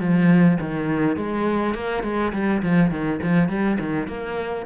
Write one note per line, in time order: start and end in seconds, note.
0.00 0.58 F3
0.60 1.17 D#3
1.17 1.74 G#3
1.74 2.03 A#3
2.03 2.32 G#3
2.33 2.62 G3
2.62 2.91 F3
2.91 3.20 D#3
3.23 3.49 F3
3.49 3.78 G3
3.80 4.08 D#3
4.08 4.66 A#3